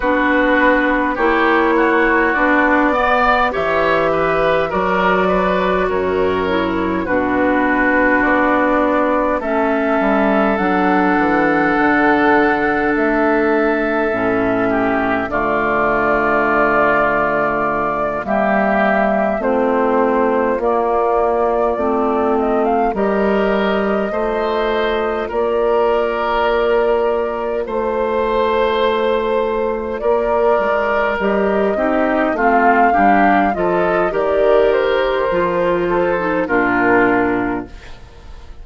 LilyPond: <<
  \new Staff \with { instrumentName = "flute" } { \time 4/4 \tempo 4 = 51 b'4 cis''4 d''4 e''4 | d''4 cis''4 b'4 d''4 | e''4 fis''2 e''4~ | e''4 d''2~ d''8 e''8~ |
e''8 c''4 d''4. dis''16 f''16 dis''8~ | dis''4. d''2 c''8~ | c''4. d''4 dis''4 f''8~ | f''8 dis''8 d''8 c''4. ais'4 | }
  \new Staff \with { instrumentName = "oboe" } { \time 4/4 fis'4 g'8 fis'4 d''8 cis''8 b'8 | ais'8 b'8 ais'4 fis'2 | a'1~ | a'8 g'8 f'2~ f'8 g'8~ |
g'8 f'2. ais'8~ | ais'8 c''4 ais'2 c''8~ | c''4. ais'4. g'8 f'8 | g'8 a'8 ais'4. a'8 f'4 | }
  \new Staff \with { instrumentName = "clarinet" } { \time 4/4 d'4 e'4 d'8 b8 g'4 | fis'4. e'8 d'2 | cis'4 d'2. | cis'4 a2~ a8 ais8~ |
ais8 c'4 ais4 c'4 g'8~ | g'8 f'2.~ f'8~ | f'2~ f'8 g'8 dis'8 c'8 | d'8 f'8 g'4 f'8. dis'16 d'4 | }
  \new Staff \with { instrumentName = "bassoon" } { \time 4/4 b4 ais4 b4 e4 | fis4 fis,4 b,4 b4 | a8 g8 fis8 e8 d4 a4 | a,4 d2~ d8 g8~ |
g8 a4 ais4 a4 g8~ | g8 a4 ais2 a8~ | a4. ais8 gis8 g8 c'8 a8 | g8 f8 dis4 f4 ais,4 | }
>>